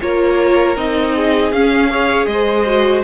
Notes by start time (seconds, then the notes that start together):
0.00 A#3 F4 A#4 C#5
0.76 C4 D#4 D#5
1.15 G#4
1.52 C#4 F5
1.90 G#4 C#5
2.26 G#3 C5 D#5
2.65 F#4